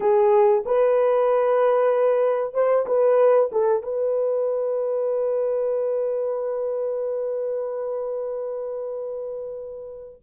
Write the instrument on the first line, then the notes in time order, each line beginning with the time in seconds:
horn
0.00 G#4
0.65 B4
2.54 C5
2.86 B4
3.52 A4
3.82 B4